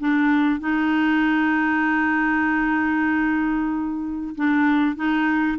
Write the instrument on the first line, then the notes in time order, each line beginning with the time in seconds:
clarinet
0.00 D4
0.60 D#4
4.35 D4
4.96 D#4